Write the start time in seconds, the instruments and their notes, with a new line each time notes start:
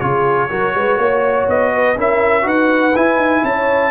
0.00 tuba C#3, trombone F4, horn G#4, trumpet C#5
0.50 tuba F#3, trombone F#4, horn A#4
0.75 tuba G#3, horn B4
0.97 tuba A#3, horn C#5
1.48 tuba B3, trumpet D#5
1.74 horn B4
1.96 tuba C#4, trombone E4, horn A#4, trumpet E5
2.42 tuba D#4, trombone F#4, horn B4, trumpet F#5
2.95 trombone E4, tuba E4, trumpet G#5
3.17 tuba D#4
3.44 tuba C#4, horn C#5, trumpet A5